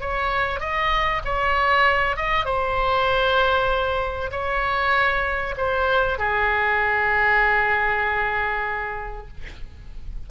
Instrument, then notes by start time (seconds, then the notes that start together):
oboe
0.00 C#5
0.60 D#5
1.25 C#5
2.16 D#5
2.45 C5
4.31 C#5
5.57 C5
6.18 G#4